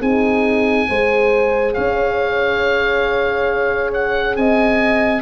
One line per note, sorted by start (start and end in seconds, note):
0.00 0.88 C4
0.00 0.88 D#4
0.00 0.87 G#4
0.00 1.74 G#5
0.89 1.76 G#3
0.89 5.22 G#4
0.89 1.74 C5
1.74 4.36 C#4
1.74 4.35 C#5
1.74 3.91 F5
3.93 4.36 F#5
4.36 5.22 C4
4.36 5.22 D#5
4.36 5.22 G#5